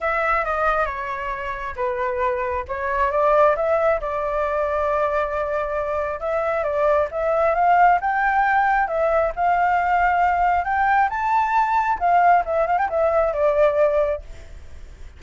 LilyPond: \new Staff \with { instrumentName = "flute" } { \time 4/4 \tempo 4 = 135 e''4 dis''4 cis''2 | b'2 cis''4 d''4 | e''4 d''2.~ | d''2 e''4 d''4 |
e''4 f''4 g''2 | e''4 f''2. | g''4 a''2 f''4 | e''8 f''16 g''16 e''4 d''2 | }